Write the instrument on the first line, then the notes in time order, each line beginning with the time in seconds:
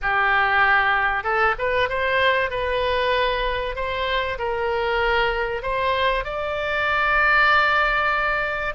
oboe
0.01 G4
1.23 A4
1.58 B4
1.89 C5
2.50 B4
3.75 C5
4.38 A#4
5.62 C5
6.24 D5